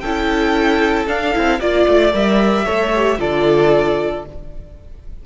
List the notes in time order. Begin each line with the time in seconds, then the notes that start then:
0.00 C#4 E4 A4 G5
1.07 D4 F5
1.33 C4 E4
1.60 A#3 F4 D5
1.87 A3
2.12 G3 A#4 E5
2.65 A3 A4 C#5
2.95 G4
3.18 D3 F4 A4 D5